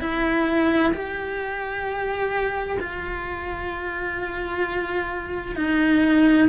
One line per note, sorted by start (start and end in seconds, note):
0.00 0.92 E4
0.94 2.78 G4
2.80 5.56 F4
5.56 6.48 D#4